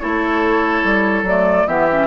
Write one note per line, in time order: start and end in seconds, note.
0.00 0.84 A3
0.00 1.25 E4
0.00 1.68 A4
0.00 1.25 C#5
0.84 1.23 G3
1.23 1.64 F#3
1.23 1.68 A3
1.23 1.68 D5
1.67 2.07 E3
1.67 1.89 B3
1.67 2.07 G4
1.67 2.07 E5
1.91 2.07 C#4